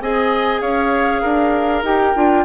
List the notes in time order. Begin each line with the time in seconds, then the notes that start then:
0.00 C4 G#4 D#5 G#5
0.61 C#4 C#5 F5
1.21 D4 A#4
1.82 D#4 G4 G5
2.15 D4 F4